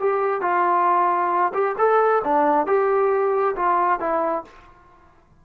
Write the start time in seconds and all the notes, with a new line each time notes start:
0.00 G4
0.42 F4
1.54 G4
1.79 A4
2.24 D4
2.67 G4
3.56 F4
4.00 E4